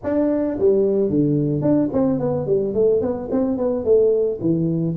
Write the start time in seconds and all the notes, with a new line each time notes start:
0.03 D4
0.59 G3
1.09 D3
1.61 D4
1.92 C4
2.19 B3
2.46 G3
2.73 A3
3.01 B3
3.31 C4
3.57 B3
3.84 A3
4.41 E3